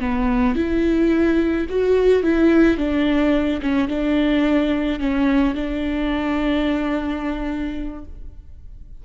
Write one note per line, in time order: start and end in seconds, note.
0.00 0.56 B3
0.56 1.67 E4
1.69 2.23 F#4
2.23 2.78 E4
2.78 3.61 D4
3.62 3.88 C#4
3.88 4.99 D4
4.99 5.55 C#4
5.55 8.05 D4